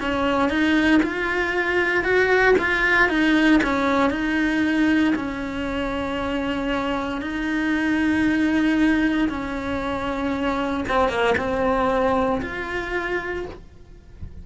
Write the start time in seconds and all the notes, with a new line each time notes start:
0.00 C#4
0.49 D#4
1.03 F4
2.04 F#4
2.58 F4
3.08 D#4
3.63 C#4
4.10 D#4
5.15 C#4
7.21 D#4
9.29 C#4
10.88 C4
11.08 A#3
11.37 C4
12.41 F4